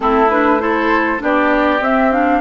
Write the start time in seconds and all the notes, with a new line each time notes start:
0.00 A3 C4 E4 A4
0.30 D4 B4
0.59 E4 A4 C5
1.18 B3 D4 G4 D5
1.80 C4 E5
2.11 D4 F5